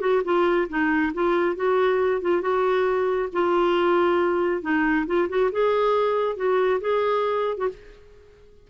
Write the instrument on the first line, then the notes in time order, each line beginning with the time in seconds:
clarinet
0.00 F#4
0.24 F4
0.69 D#4
1.13 F4
1.56 F#4
2.21 F4
2.41 F#4
3.32 F4
4.62 D#4
5.06 F4
5.29 F#4
5.51 G#4
6.36 F#4
6.80 G#4
7.57 F#4